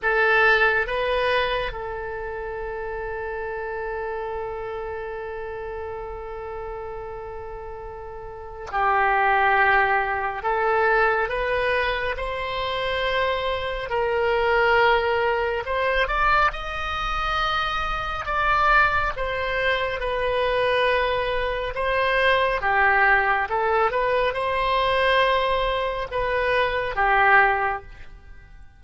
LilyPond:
\new Staff \with { instrumentName = "oboe" } { \time 4/4 \tempo 4 = 69 a'4 b'4 a'2~ | a'1~ | a'2 g'2 | a'4 b'4 c''2 |
ais'2 c''8 d''8 dis''4~ | dis''4 d''4 c''4 b'4~ | b'4 c''4 g'4 a'8 b'8 | c''2 b'4 g'4 | }